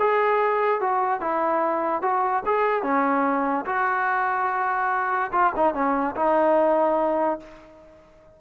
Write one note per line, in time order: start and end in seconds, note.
0.00 0.81 G#4
0.81 1.21 F#4
1.21 2.03 E4
2.03 2.44 F#4
2.46 2.83 G#4
2.83 3.66 C#4
3.66 5.32 F#4
5.33 5.53 F4
5.57 5.74 D#4
5.74 6.16 C#4
6.16 7.40 D#4